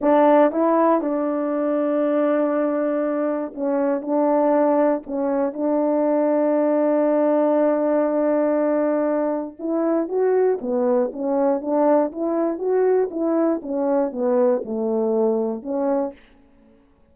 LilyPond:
\new Staff \with { instrumentName = "horn" } { \time 4/4 \tempo 4 = 119 d'4 e'4 d'2~ | d'2. cis'4 | d'2 cis'4 d'4~ | d'1~ |
d'2. e'4 | fis'4 b4 cis'4 d'4 | e'4 fis'4 e'4 cis'4 | b4 a2 cis'4 | }